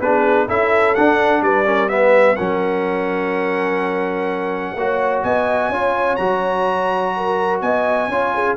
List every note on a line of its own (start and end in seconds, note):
0.00 0.48 B3
0.00 0.48 D4
0.00 0.47 G#4
0.00 0.48 B4
0.47 0.96 C#4
0.47 0.95 E4
0.47 1.42 A4
0.47 0.95 E5
0.95 1.65 D4
0.95 1.41 D4
0.95 1.42 F#5
1.41 2.36 G3
1.41 1.67 B4
1.41 1.89 D5
1.65 1.88 C#4
1.65 1.91 A#4
1.88 2.36 B3
1.88 2.37 B4
1.88 2.36 E5
2.36 4.74 F#3
2.36 4.76 C#4
2.36 4.75 A#4
2.36 5.21 F#5
4.74 5.22 A#3
4.74 5.73 F#4
4.74 5.24 C#5
5.23 5.69 B3
5.23 5.70 D#5
5.23 6.16 G#5
5.69 6.17 C#4
5.69 6.19 F4
5.69 7.12 C#5
6.16 7.62 F#3
6.16 8.10 F#4
6.16 7.59 A#5
7.16 7.63 A#4
7.61 8.08 B3
7.61 8.10 D#5
7.61 8.56 G#5
8.08 8.56 C#4
8.08 8.57 F4
8.08 8.35 C#5
8.35 8.57 G#4